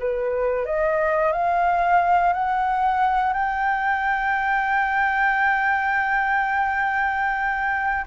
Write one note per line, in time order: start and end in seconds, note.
0.00 0.66 B4
0.66 1.33 D#5
1.33 2.34 F5
2.34 3.34 F#5
3.34 8.06 G5